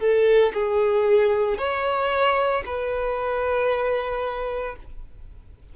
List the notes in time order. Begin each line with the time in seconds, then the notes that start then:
0.00 A4
0.54 G#4
1.58 C#5
2.66 B4